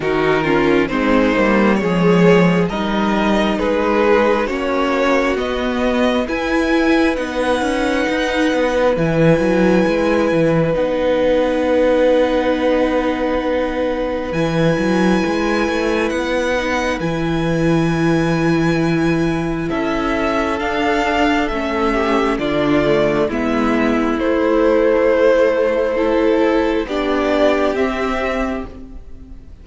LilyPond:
<<
  \new Staff \with { instrumentName = "violin" } { \time 4/4 \tempo 4 = 67 ais'4 c''4 cis''4 dis''4 | b'4 cis''4 dis''4 gis''4 | fis''2 gis''2 | fis''1 |
gis''2 fis''4 gis''4~ | gis''2 e''4 f''4 | e''4 d''4 e''4 c''4~ | c''2 d''4 e''4 | }
  \new Staff \with { instrumentName = "violin" } { \time 4/4 fis'8 f'8 dis'4 gis'4 ais'4 | gis'4 fis'2 b'4~ | b'1~ | b'1~ |
b'1~ | b'2 a'2~ | a'8 g'8 f'4 e'2~ | e'4 a'4 g'2 | }
  \new Staff \with { instrumentName = "viola" } { \time 4/4 dis'8 cis'8 c'8 ais8 gis4 dis'4~ | dis'4 cis'4 b4 e'4 | dis'2 e'2 | dis'1 |
e'2~ e'8 dis'8 e'4~ | e'2. d'4 | cis'4 d'8 a8 b4 a4~ | a4 e'4 d'4 c'4 | }
  \new Staff \with { instrumentName = "cello" } { \time 4/4 dis4 gis8 g8 f4 g4 | gis4 ais4 b4 e'4 | b8 cis'8 dis'8 b8 e8 fis8 gis8 e8 | b1 |
e8 fis8 gis8 a8 b4 e4~ | e2 cis'4 d'4 | a4 d4 gis4 a4~ | a2 b4 c'4 | }
>>